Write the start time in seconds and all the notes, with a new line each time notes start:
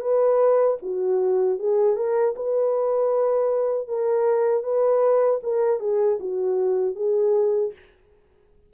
0.00 B4
0.82 F#4
1.59 G#4
1.96 A#4
2.36 B4
3.88 A#4
4.63 B4
5.43 A#4
5.80 G#4
6.20 F#4
6.95 G#4